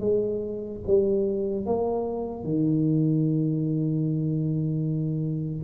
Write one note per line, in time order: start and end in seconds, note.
0.00 0.80 G#3
0.87 1.66 G3
1.66 2.44 A#3
2.44 5.64 D#3